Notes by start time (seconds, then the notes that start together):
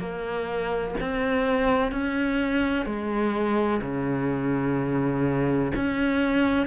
0.00 A#3
1.00 C4
1.92 C#4
2.86 G#3
3.82 C#3
5.75 C#4